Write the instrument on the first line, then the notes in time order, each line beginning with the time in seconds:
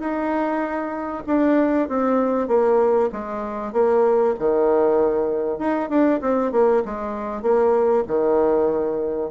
bassoon
0.00 D#4
1.27 D4
1.89 C4
2.48 A#3
3.12 G#3
3.73 A#3
4.39 D#3
5.59 D#4
5.89 D4
6.21 C4
6.52 A#3
6.85 G#3
7.42 A#3
8.07 D#3